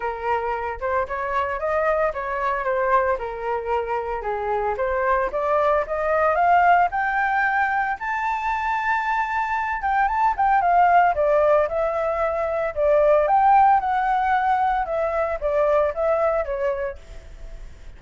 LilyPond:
\new Staff \with { instrumentName = "flute" } { \time 4/4 \tempo 4 = 113 ais'4. c''8 cis''4 dis''4 | cis''4 c''4 ais'2 | gis'4 c''4 d''4 dis''4 | f''4 g''2 a''4~ |
a''2~ a''8 g''8 a''8 g''8 | f''4 d''4 e''2 | d''4 g''4 fis''2 | e''4 d''4 e''4 cis''4 | }